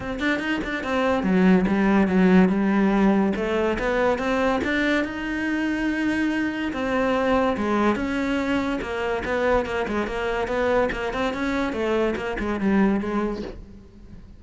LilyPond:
\new Staff \with { instrumentName = "cello" } { \time 4/4 \tempo 4 = 143 c'8 d'8 dis'8 d'8 c'4 fis4 | g4 fis4 g2 | a4 b4 c'4 d'4 | dis'1 |
c'2 gis4 cis'4~ | cis'4 ais4 b4 ais8 gis8 | ais4 b4 ais8 c'8 cis'4 | a4 ais8 gis8 g4 gis4 | }